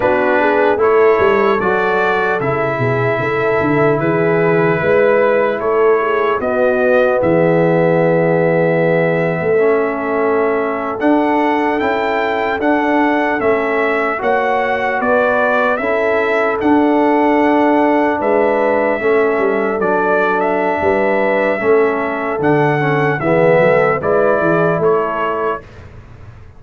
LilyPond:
<<
  \new Staff \with { instrumentName = "trumpet" } { \time 4/4 \tempo 4 = 75 b'4 cis''4 d''4 e''4~ | e''4 b'2 cis''4 | dis''4 e''2.~ | e''4.~ e''16 fis''4 g''4 fis''16~ |
fis''8. e''4 fis''4 d''4 e''16~ | e''8. fis''2 e''4~ e''16~ | e''8. d''8. e''2~ e''8 | fis''4 e''4 d''4 cis''4 | }
  \new Staff \with { instrumentName = "horn" } { \time 4/4 fis'8 gis'8 a'2~ a'8 gis'8 | a'4 gis'4 b'4 a'8 gis'8 | fis'4 gis'2~ gis'8. a'16~ | a'1~ |
a'4.~ a'16 cis''4 b'4 a'16~ | a'2~ a'8. b'4 a'16~ | a'2 b'4 a'4~ | a'4 gis'8 a'8 b'8 gis'8 a'4 | }
  \new Staff \with { instrumentName = "trombone" } { \time 4/4 d'4 e'4 fis'4 e'4~ | e'1 | b1 | cis'4.~ cis'16 d'4 e'4 d'16~ |
d'8. cis'4 fis'2 e'16~ | e'8. d'2. cis'16~ | cis'8. d'2~ d'16 cis'4 | d'8 cis'8 b4 e'2 | }
  \new Staff \with { instrumentName = "tuba" } { \time 4/4 b4 a8 g8 fis4 cis8 b,8 | cis8 d8 e4 gis4 a4 | b4 e2~ e8. a16~ | a4.~ a16 d'4 cis'4 d'16~ |
d'8. a4 ais4 b4 cis'16~ | cis'8. d'2 gis4 a16~ | a16 g8 fis4~ fis16 g4 a4 | d4 e8 fis8 gis8 e8 a4 | }
>>